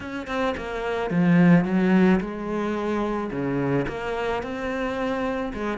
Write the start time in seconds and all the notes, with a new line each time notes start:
0.00 C#4
0.27 C4
0.57 A#3
1.10 F3
1.64 F#3
2.20 G#3
3.31 C#3
3.88 A#3
4.42 C4
5.53 G#3